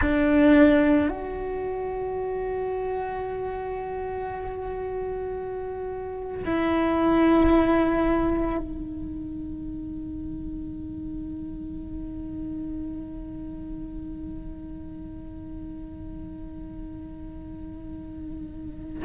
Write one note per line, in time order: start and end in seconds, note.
0.01 1.08 D4
1.08 6.44 F#4
6.44 8.57 E4
8.57 19.02 D#4